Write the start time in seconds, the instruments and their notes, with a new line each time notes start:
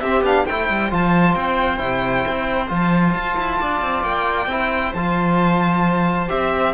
0.00 cello C4, trombone C4, viola G4, violin E5
0.21 cello B3, trombone D4, violin F5
0.45 cello A3, trombone E4, viola C5, violin G5
0.69 cello G3
0.90 cello F3, trombone F4, violin A5
1.35 cello C4, violin G5
1.77 cello C3, trombone E4
2.28 cello C4
2.68 cello F3, trombone F4, violin A5
3.14 cello F4
3.37 cello E4
3.60 cello D4, viola D5
3.81 cello C4
4.03 cello A#3, violin G5
4.46 cello C4, trombone E4
4.53 viola C5
4.94 cello F3, trombone F4, violin A5
6.28 cello C4, trombone G4, violin E5